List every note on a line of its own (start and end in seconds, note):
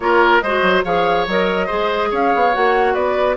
0.00 0.41 A#3
0.00 0.43 F4
0.00 0.43 A#4
0.00 0.40 C#5
0.40 0.62 G#3
0.40 0.84 F#4
0.40 0.84 C5
0.40 0.83 D#5
0.62 0.83 F#3
0.84 1.27 F3
0.84 1.26 G#4
0.84 1.66 C#5
0.84 1.27 F5
1.27 1.69 F#3
1.27 1.68 A#4
1.27 2.12 D#5
1.66 2.12 G#3
1.66 2.52 G#4
1.66 2.08 C5
2.11 2.33 C#4
2.11 2.93 C#5
2.11 2.54 F5
2.34 2.55 B3
2.52 2.95 A#3
2.52 3.37 F#4
2.52 2.94 F#5
2.93 3.37 B3
2.93 3.35 B4
2.93 3.36 D5